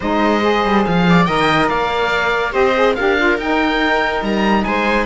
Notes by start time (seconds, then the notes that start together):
0.00 G#3 D#4 C5 D#5
0.41 G#4
0.64 G3
0.85 F3 F5
1.09 D5
1.25 D#3 A#4 D#5 G5
1.68 A#3 D5 F5
2.50 C4 G4 C5 D#5
2.75 G#4
2.95 D4 G4 A#4 F5
3.17 F4
3.37 D#4 G5
4.22 G3 A#5
4.64 G#3 C5 G#5